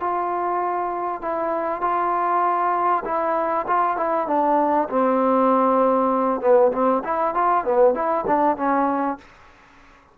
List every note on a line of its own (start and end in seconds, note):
0.00 1.22 F4
1.22 1.81 E4
1.81 3.04 F4
3.05 3.66 E4
3.67 3.97 F4
3.97 4.27 E4
4.27 4.88 D4
4.89 6.41 C4
6.41 6.72 B3
6.72 7.03 C4
7.04 7.34 E4
7.34 7.64 F4
7.64 7.94 B3
7.94 8.25 E4
8.27 8.57 D4
8.57 9.18 C#4